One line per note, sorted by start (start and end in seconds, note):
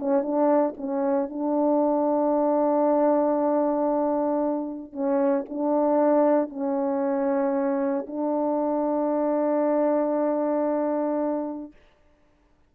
0.00 0.23 C#4
0.23 0.75 D4
0.78 1.30 C#4
1.30 4.93 D4
4.93 5.45 C#4
5.49 6.50 D4
6.50 8.06 C#4
8.07 11.72 D4